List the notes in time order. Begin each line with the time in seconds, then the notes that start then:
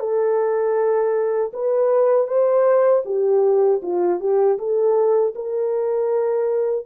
0.00 A4
1.54 B4
2.28 C5
3.06 G4
3.83 F4
4.20 G4
4.58 A4
5.35 A#4